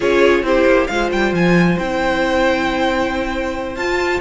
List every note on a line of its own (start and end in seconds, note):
0.00 0.42 C#4
0.00 0.44 F4
0.00 0.43 G#4
0.00 0.45 C#5
0.42 0.64 C4
0.42 0.88 E4
0.42 0.90 G4
0.42 0.87 C5
0.65 0.88 A#3
0.87 1.12 G#3
0.87 1.78 F4
0.87 4.20 C5
0.87 1.09 F5
1.12 1.32 G3
1.12 1.34 G5
1.32 1.77 F3
1.32 1.78 G#5
1.78 3.76 C4
1.78 3.78 E4
1.78 3.76 G5
3.76 4.20 F4
3.76 4.20 A5